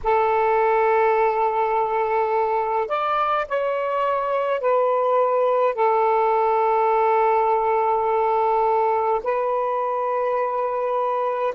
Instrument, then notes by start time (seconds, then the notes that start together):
saxophone
0.03 A4
2.88 D5
3.48 C#5
4.60 B4
5.74 A4
9.23 B4